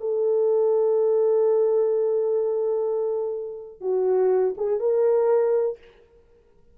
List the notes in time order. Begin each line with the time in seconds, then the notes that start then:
0.00 A4
3.80 F#4
4.57 G#4
4.79 A#4